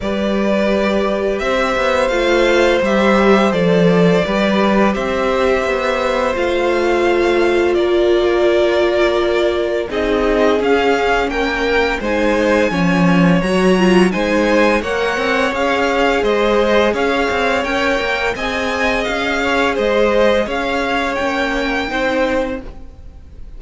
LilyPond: <<
  \new Staff \with { instrumentName = "violin" } { \time 4/4 \tempo 4 = 85 d''2 e''4 f''4 | e''4 d''2 e''4~ | e''4 f''2 d''4~ | d''2 dis''4 f''4 |
g''4 gis''2 ais''4 | gis''4 fis''4 f''4 dis''4 | f''4 g''4 gis''4 f''4 | dis''4 f''4 g''2 | }
  \new Staff \with { instrumentName = "violin" } { \time 4/4 b'2 c''2~ | c''2 b'4 c''4~ | c''2. ais'4~ | ais'2 gis'2 |
ais'4 c''4 cis''2 | c''4 cis''2 c''4 | cis''2 dis''4. cis''8 | c''4 cis''2 c''4 | }
  \new Staff \with { instrumentName = "viola" } { \time 4/4 g'2. f'4 | g'4 a'4 g'2~ | g'4 f'2.~ | f'2 dis'4 cis'4~ |
cis'4 dis'4 cis'4 fis'8 f'8 | dis'4 ais'4 gis'2~ | gis'4 ais'4 gis'2~ | gis'2 cis'4 dis'4 | }
  \new Staff \with { instrumentName = "cello" } { \time 4/4 g2 c'8 b8 a4 | g4 f4 g4 c'4 | b4 a2 ais4~ | ais2 c'4 cis'4 |
ais4 gis4 f4 fis4 | gis4 ais8 c'8 cis'4 gis4 | cis'8 c'8 cis'8 ais8 c'4 cis'4 | gis4 cis'4 ais4 c'4 | }
>>